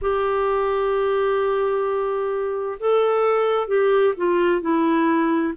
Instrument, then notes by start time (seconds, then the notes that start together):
clarinet
0.01 G4
2.79 A4
3.67 G4
4.17 F4
4.61 E4